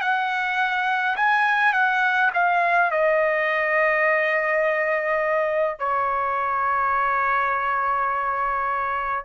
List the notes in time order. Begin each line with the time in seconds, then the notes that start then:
0.00 F#5
1.16 G#5
1.73 F#5
2.33 F5
2.91 D#5
5.78 C#5